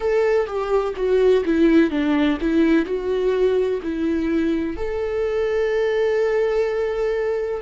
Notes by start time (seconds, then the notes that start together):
0.00 A4
0.46 G4
0.96 F#4
1.45 E4
1.90 D4
2.40 E4
2.85 F#4
3.82 E4
4.76 A4